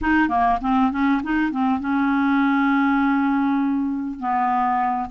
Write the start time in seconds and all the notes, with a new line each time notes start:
0.01 D#4
0.28 A#3
0.61 C4
0.91 C#4
1.23 D#4
1.51 C4
1.79 C#4
4.19 B3